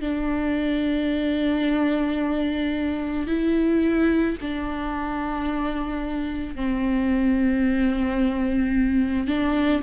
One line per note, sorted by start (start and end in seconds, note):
0.00 3.27 D4
3.27 4.36 E4
4.41 6.55 D4
6.55 9.27 C4
9.27 9.82 D4